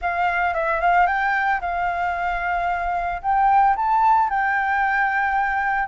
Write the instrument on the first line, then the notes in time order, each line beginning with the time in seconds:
flute
0.01 F5
0.54 E5
0.80 F5
1.07 G5
1.60 F5
3.22 G5
3.75 A5
4.29 G5